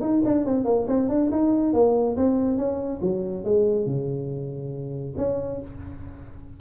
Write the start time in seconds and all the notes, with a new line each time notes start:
0.00 D#4
0.25 D4
0.45 C4
0.64 A#3
0.87 C4
1.09 D4
1.31 D#4
1.73 A#3
2.16 C4
2.58 C#4
3.01 F#3
3.44 G#3
3.86 C#3
5.17 C#4